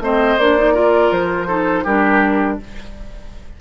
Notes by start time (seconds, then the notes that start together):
0.00 A3 C4 C5 D#5
0.38 A#3 D4 D5
0.58 D#4
0.74 F4 A#4
1.12 F3 C5
1.48 D#4 A4
1.84 G3 D4 G4 A#4